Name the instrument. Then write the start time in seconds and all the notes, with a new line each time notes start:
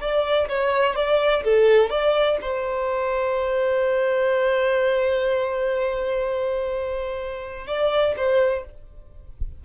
violin
0.00 D5
0.48 C#5
0.95 D5
1.44 A4
1.90 D5
2.41 C5
7.66 D5
8.16 C5